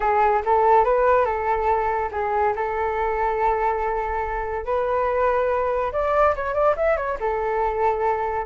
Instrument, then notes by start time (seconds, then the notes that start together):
flute
0.00 G#4
0.45 A4
0.84 B4
1.25 A4
2.11 G#4
2.55 A4
4.65 B4
5.92 D5
6.35 C#5
6.54 D5
6.76 E5
6.96 C#5
7.19 A4